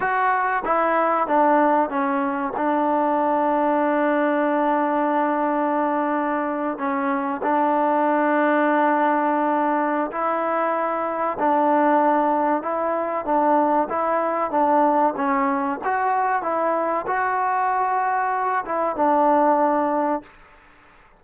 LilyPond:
\new Staff \with { instrumentName = "trombone" } { \time 4/4 \tempo 4 = 95 fis'4 e'4 d'4 cis'4 | d'1~ | d'2~ d'8. cis'4 d'16~ | d'1 |
e'2 d'2 | e'4 d'4 e'4 d'4 | cis'4 fis'4 e'4 fis'4~ | fis'4. e'8 d'2 | }